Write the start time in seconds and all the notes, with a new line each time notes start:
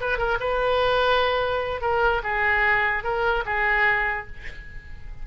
0.00 B4
0.18 A#4
0.40 B4
1.81 A#4
2.23 G#4
3.04 A#4
3.46 G#4